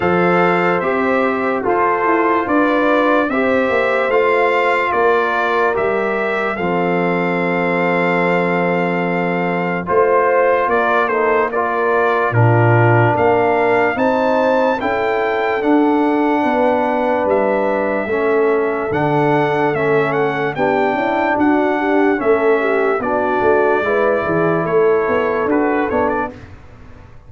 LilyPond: <<
  \new Staff \with { instrumentName = "trumpet" } { \time 4/4 \tempo 4 = 73 f''4 e''4 c''4 d''4 | e''4 f''4 d''4 e''4 | f''1 | c''4 d''8 c''8 d''4 ais'4 |
f''4 a''4 g''4 fis''4~ | fis''4 e''2 fis''4 | e''8 fis''8 g''4 fis''4 e''4 | d''2 cis''4 b'8 cis''16 d''16 | }
  \new Staff \with { instrumentName = "horn" } { \time 4/4 c''2 a'4 b'4 | c''2 ais'2 | a'1 | c''4 ais'8 a'8 ais'4 f'4 |
ais'4 c''4 a'2 | b'2 a'2~ | a'4 g'8 e'8 fis'8 g'8 a'8 g'8 | fis'4 b'8 gis'8 a'2 | }
  \new Staff \with { instrumentName = "trombone" } { \time 4/4 a'4 g'4 f'2 | g'4 f'2 g'4 | c'1 | f'4. dis'8 f'4 d'4~ |
d'4 dis'4 e'4 d'4~ | d'2 cis'4 d'4 | cis'4 d'2 cis'4 | d'4 e'2 fis'8 d'8 | }
  \new Staff \with { instrumentName = "tuba" } { \time 4/4 f4 c'4 f'8 e'8 d'4 | c'8 ais8 a4 ais4 g4 | f1 | a4 ais2 ais,4 |
ais4 c'4 cis'4 d'4 | b4 g4 a4 d4 | a4 b8 cis'8 d'4 a4 | b8 a8 gis8 e8 a8 b8 d'8 b8 | }
>>